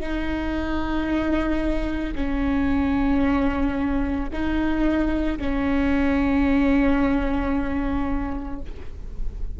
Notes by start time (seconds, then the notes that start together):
0.00 D#4
2.15 C#4
4.33 D#4
5.39 C#4